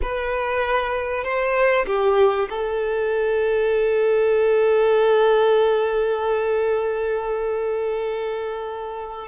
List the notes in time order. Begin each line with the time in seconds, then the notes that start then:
0.02 B4
1.23 C5
1.86 G4
2.49 A4